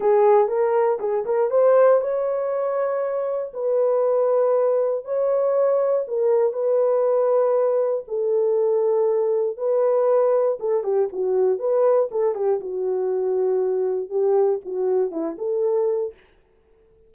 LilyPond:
\new Staff \with { instrumentName = "horn" } { \time 4/4 \tempo 4 = 119 gis'4 ais'4 gis'8 ais'8 c''4 | cis''2. b'4~ | b'2 cis''2 | ais'4 b'2. |
a'2. b'4~ | b'4 a'8 g'8 fis'4 b'4 | a'8 g'8 fis'2. | g'4 fis'4 e'8 a'4. | }